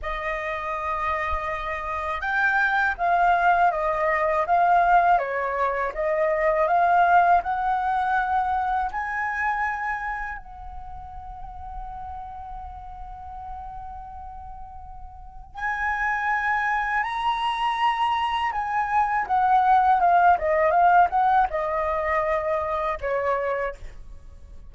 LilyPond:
\new Staff \with { instrumentName = "flute" } { \time 4/4 \tempo 4 = 81 dis''2. g''4 | f''4 dis''4 f''4 cis''4 | dis''4 f''4 fis''2 | gis''2 fis''2~ |
fis''1~ | fis''4 gis''2 ais''4~ | ais''4 gis''4 fis''4 f''8 dis''8 | f''8 fis''8 dis''2 cis''4 | }